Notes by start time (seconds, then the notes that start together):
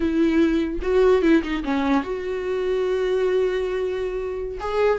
0.00 E4
0.82 F#4
1.22 E4
1.42 D#4
1.64 C#4
2.03 F#4
4.59 G#4